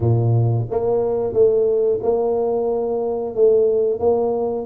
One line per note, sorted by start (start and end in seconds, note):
0.00 0.65 A#2
0.70 1.33 A#3
1.33 1.99 A3
2.02 3.35 A#3
3.35 3.99 A3
3.99 4.66 A#3